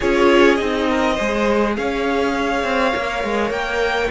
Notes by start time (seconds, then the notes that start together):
0.00 C#4 F4 G#4 C#5
0.55 C4 D#4 D#5
0.89 A#4
1.14 G#3 G#4 C5
1.76 C#4 C#5 F5
2.63 C4
2.94 A#3 A#4
3.23 G#3
3.50 A#3 G5